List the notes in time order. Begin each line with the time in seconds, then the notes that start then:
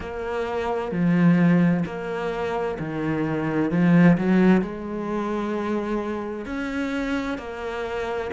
0.00 A#3
0.91 F3
1.85 A#3
2.79 D#3
3.70 F3
4.17 F#3
4.61 G#3
6.45 C#4
7.38 A#3